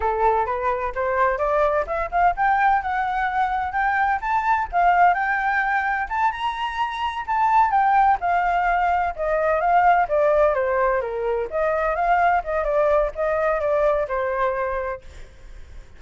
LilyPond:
\new Staff \with { instrumentName = "flute" } { \time 4/4 \tempo 4 = 128 a'4 b'4 c''4 d''4 | e''8 f''8 g''4 fis''2 | g''4 a''4 f''4 g''4~ | g''4 a''8 ais''2 a''8~ |
a''8 g''4 f''2 dis''8~ | dis''8 f''4 d''4 c''4 ais'8~ | ais'8 dis''4 f''4 dis''8 d''4 | dis''4 d''4 c''2 | }